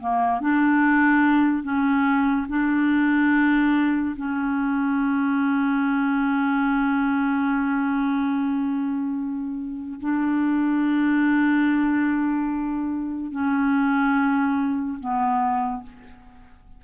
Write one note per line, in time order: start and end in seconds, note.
0.00 0.41 A#3
0.41 1.64 D4
1.64 2.47 C#4
2.49 4.16 D4
4.17 10.00 C#4
10.01 13.32 D4
13.32 14.99 C#4
15.00 15.83 B3